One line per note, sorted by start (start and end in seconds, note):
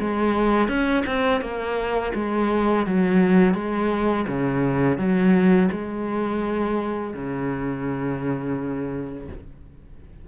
0.00 0.68 G#3
0.68 1.04 C#4
1.06 1.41 C4
1.41 2.12 A#3
2.15 2.86 G#3
2.86 3.55 F#3
3.55 4.26 G#3
4.28 4.98 C#3
4.98 5.69 F#3
5.71 7.14 G#3
7.14 9.28 C#3